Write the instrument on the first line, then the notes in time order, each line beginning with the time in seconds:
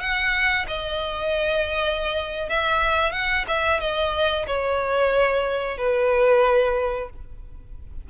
violin
0.00 F#5
0.68 D#5
2.49 E5
3.12 F#5
3.48 E5
3.80 D#5
4.47 C#5
5.78 B4